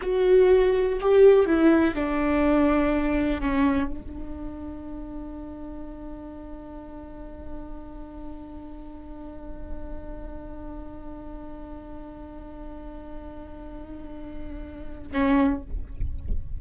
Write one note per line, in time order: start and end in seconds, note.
0.01 0.99 F#4
1.00 1.45 G4
1.45 1.94 E4
1.94 3.40 D4
3.40 3.89 C#4
3.89 15.11 D4
15.12 15.61 C#4